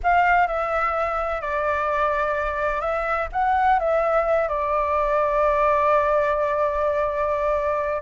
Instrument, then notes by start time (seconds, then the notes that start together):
flute
0.03 F5
0.47 E5
1.41 D5
2.80 E5
3.32 F#5
3.79 E5
4.48 D5